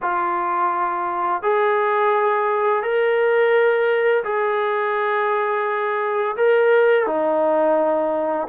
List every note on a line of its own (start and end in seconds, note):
0.02 1.42 F4
1.42 2.82 G#4
2.82 4.24 A#4
4.24 6.35 G#4
6.36 7.06 A#4
7.06 8.47 D#4